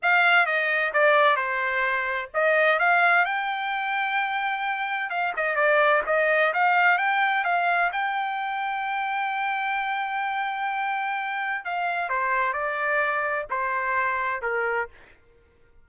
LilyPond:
\new Staff \with { instrumentName = "trumpet" } { \time 4/4 \tempo 4 = 129 f''4 dis''4 d''4 c''4~ | c''4 dis''4 f''4 g''4~ | g''2. f''8 dis''8 | d''4 dis''4 f''4 g''4 |
f''4 g''2.~ | g''1~ | g''4 f''4 c''4 d''4~ | d''4 c''2 ais'4 | }